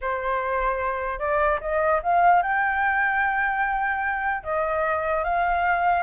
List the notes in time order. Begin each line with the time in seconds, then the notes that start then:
0.01 C5
1.19 D5
1.60 D#5
2.02 F5
2.42 G5
4.43 D#5
5.23 F5